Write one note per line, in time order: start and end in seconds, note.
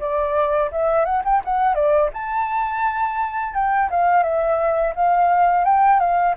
0.00 0.71 D5
0.72 1.05 E5
1.05 1.23 F#5
1.24 1.42 G5
1.44 1.75 F#5
1.75 2.10 D5
2.13 3.54 A5
3.54 3.90 G5
3.90 4.23 F5
4.23 4.93 E5
4.95 5.65 F5
5.65 6.00 G5
6.00 6.35 F5